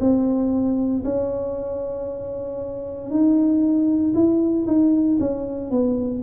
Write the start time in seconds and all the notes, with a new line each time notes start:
0.00 C4
1.04 C#4
3.10 D#4
4.14 E4
4.66 D#4
5.20 C#4
5.71 B3